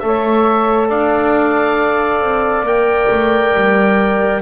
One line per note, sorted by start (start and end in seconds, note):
0.00 0.90 A3
0.00 2.66 A4
0.00 0.89 C#5
0.00 0.88 E5
0.89 2.21 D4
0.89 4.42 D5
0.89 2.67 F5
2.21 2.63 C4
2.63 3.07 A#3
2.63 4.42 A#4
2.63 4.43 G5
3.11 3.55 A3
3.56 4.43 G3